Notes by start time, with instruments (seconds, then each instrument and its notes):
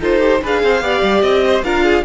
0.00 cello D#4, viola F4, violin A4 C5
0.20 viola G4
0.42 cello D4, viola G#4, violin B4 F5
0.63 cello C4, violin C5
0.81 cello B3, viola G4, violin D5
1.02 cello G3
1.22 cello C4, violin D#5
1.47 violin C5
1.63 cello D4, viola F4, violin A#4 F5
1.84 violin G#4